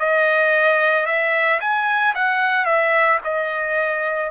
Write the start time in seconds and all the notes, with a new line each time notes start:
0.00 D#5
1.07 E5
1.61 G#5
2.15 F#5
2.65 E5
3.24 D#5